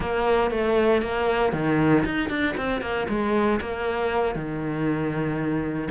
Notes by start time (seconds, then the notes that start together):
0.00 A#3
0.50 A3
1.01 A#3
1.52 D#3
2.05 D#4
2.29 D4
2.56 C4
2.81 A#3
3.08 G#3
3.60 A#3
4.35 D#3